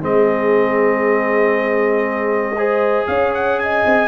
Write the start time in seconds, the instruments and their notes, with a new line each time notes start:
0.00 tuba G#3, trombone C4, horn G#4, trumpet D#5
2.57 trombone G#4, horn C5
3.07 tuba C#4, horn C#5, trumpet F5
3.34 trumpet F#5
3.59 horn D#5, trumpet G#5
3.86 tuba C4